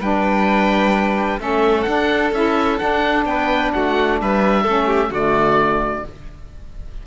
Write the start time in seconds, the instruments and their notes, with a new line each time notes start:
0.00 cello G3, saxophone D4, violin B4, oboe G5
1.39 cello A3, saxophone C#4, violin A4, oboe E5
1.82 saxophone D4, cello D4, oboe F#5
2.32 cello C#4, saxophone E4, oboe E5
2.78 saxophone D4, cello D4, oboe F#5
3.25 cello B3, violin B4, oboe G5
3.72 cello A3, violin F#4, oboe F#5
4.21 cello G3, violin B4, oboe E5
4.62 cello A3, saxophone C#4, violin A4
4.86 violin G4
5.10 cello D3, saxophone A3, violin F#4, oboe D5